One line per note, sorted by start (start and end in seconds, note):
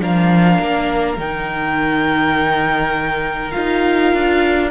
0.00 0.59 F3
0.00 1.18 D4
0.00 4.71 A#4
0.00 1.20 F5
0.59 1.18 A#3
1.18 3.53 D#3
1.18 3.52 D#4
1.18 3.51 G5
3.51 4.14 D#4
3.51 4.70 F4
3.51 4.69 F5
4.14 4.71 D4